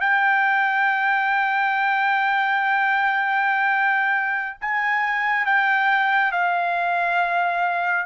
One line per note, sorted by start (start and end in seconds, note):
0.00 4.57 G5
4.60 5.45 G#5
5.45 6.32 G5
6.32 8.06 F5